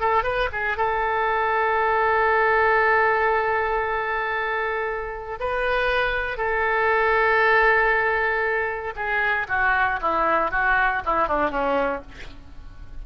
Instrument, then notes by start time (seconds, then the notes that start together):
oboe
0.00 A4
0.24 B4
0.52 G#4
0.77 A4
5.40 B4
6.38 A4
8.96 G#4
9.48 F#4
10.01 E4
10.51 F#4
11.06 E4
11.28 D4
11.51 C#4